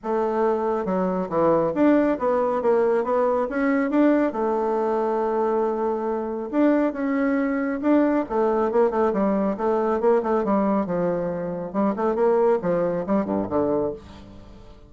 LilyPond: \new Staff \with { instrumentName = "bassoon" } { \time 4/4 \tempo 4 = 138 a2 fis4 e4 | d'4 b4 ais4 b4 | cis'4 d'4 a2~ | a2. d'4 |
cis'2 d'4 a4 | ais8 a8 g4 a4 ais8 a8 | g4 f2 g8 a8 | ais4 f4 g8 g,8 d4 | }